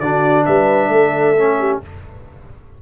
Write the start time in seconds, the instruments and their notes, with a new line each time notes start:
0.00 tuba D3, trombone D4, horn F#4, trumpet D5
0.45 tuba G3, horn B4, trumpet E5
0.89 tuba A3, horn A4
1.37 trombone C#4
1.59 horn G4